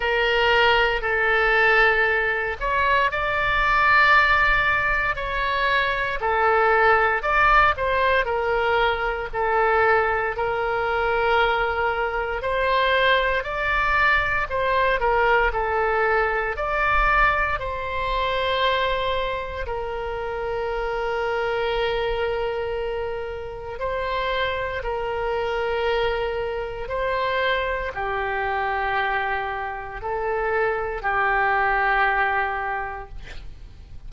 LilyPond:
\new Staff \with { instrumentName = "oboe" } { \time 4/4 \tempo 4 = 58 ais'4 a'4. cis''8 d''4~ | d''4 cis''4 a'4 d''8 c''8 | ais'4 a'4 ais'2 | c''4 d''4 c''8 ais'8 a'4 |
d''4 c''2 ais'4~ | ais'2. c''4 | ais'2 c''4 g'4~ | g'4 a'4 g'2 | }